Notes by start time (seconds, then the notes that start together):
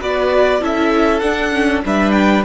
0.00 B3 F#4 B4 D5
0.60 C#4 E4 A4 E5
1.19 D4 F#5
1.52 C#4
1.85 G3 D4 B4 E5
2.11 G5